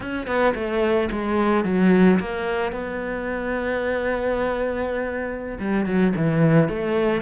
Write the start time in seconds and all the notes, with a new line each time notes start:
0.00 C#4
0.26 B3
0.54 A3
1.11 G#3
1.64 F#3
2.19 A#3
2.71 B3
5.59 G3
5.85 F#3
6.16 E3
6.68 A3